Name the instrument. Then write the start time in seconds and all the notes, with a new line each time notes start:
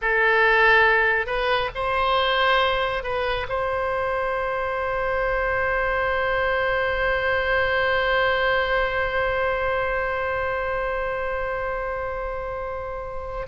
oboe
0.01 A4
1.26 B4
1.74 C5
3.03 B4
3.48 C5